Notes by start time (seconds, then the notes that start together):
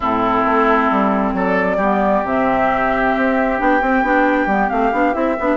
0.00 A2 C4 E4 A4
0.45 A3
0.90 G3
1.33 F#3 A4 D5
1.76 G3 B3 G4
2.24 C3 C4 E5
3.16 C4
3.57 B3 D4 G5
3.81 C4
4.02 B3 D4
4.46 G3 B3
4.69 A3 C4 F5
4.92 B3 D4
5.13 C4 E4 E5
5.39 B3 D4